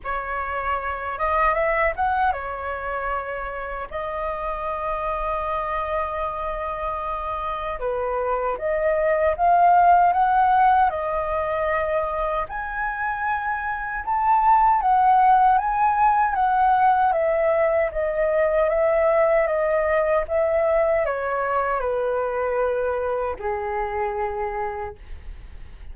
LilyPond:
\new Staff \with { instrumentName = "flute" } { \time 4/4 \tempo 4 = 77 cis''4. dis''8 e''8 fis''8 cis''4~ | cis''4 dis''2.~ | dis''2 b'4 dis''4 | f''4 fis''4 dis''2 |
gis''2 a''4 fis''4 | gis''4 fis''4 e''4 dis''4 | e''4 dis''4 e''4 cis''4 | b'2 gis'2 | }